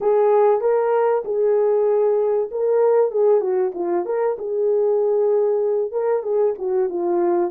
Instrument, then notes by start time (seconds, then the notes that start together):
horn
0.01 G#4
0.61 A#4
1.24 G#4
2.51 A#4
3.11 G#4
3.40 F#4
3.74 F4
4.05 A#4
4.38 G#4
5.91 A#4
6.22 G#4
6.58 F#4
6.89 F4